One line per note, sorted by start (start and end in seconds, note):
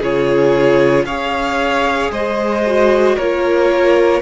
0.00 1.05 C#3
0.00 1.08 F4
0.00 1.05 G#4
0.00 1.06 C#5
1.05 2.11 C#4
1.05 2.66 G#4
1.05 2.12 C#5
1.05 2.11 F5
2.11 3.16 G#3
2.11 3.16 C5
2.11 3.18 D#5
2.67 3.20 F#4
3.16 4.22 A#3
3.16 4.22 F4
3.16 4.22 A#4
3.16 4.22 C#5